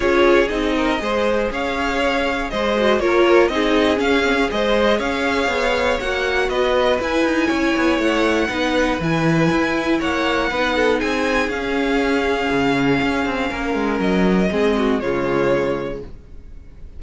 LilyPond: <<
  \new Staff \with { instrumentName = "violin" } { \time 4/4 \tempo 4 = 120 cis''4 dis''2 f''4~ | f''4 dis''4 cis''4 dis''4 | f''4 dis''4 f''2 | fis''4 dis''4 gis''2 |
fis''2 gis''2 | fis''2 gis''4 f''4~ | f''1 | dis''2 cis''2 | }
  \new Staff \with { instrumentName = "violin" } { \time 4/4 gis'4. ais'8 c''4 cis''4~ | cis''4 c''4 ais'4 gis'4~ | gis'4 c''4 cis''2~ | cis''4 b'2 cis''4~ |
cis''4 b'2. | cis''4 b'8 a'8 gis'2~ | gis'2. ais'4~ | ais'4 gis'8 fis'8 f'2 | }
  \new Staff \with { instrumentName = "viola" } { \time 4/4 f'4 dis'4 gis'2~ | gis'4. fis'8 f'4 dis'4 | cis'8 c'16 cis'16 gis'2. | fis'2 e'2~ |
e'4 dis'4 e'2~ | e'4 dis'2 cis'4~ | cis'1~ | cis'4 c'4 gis2 | }
  \new Staff \with { instrumentName = "cello" } { \time 4/4 cis'4 c'4 gis4 cis'4~ | cis'4 gis4 ais4 c'4 | cis'4 gis4 cis'4 b4 | ais4 b4 e'8 dis'8 cis'8 b8 |
a4 b4 e4 e'4 | ais4 b4 c'4 cis'4~ | cis'4 cis4 cis'8 c'8 ais8 gis8 | fis4 gis4 cis2 | }
>>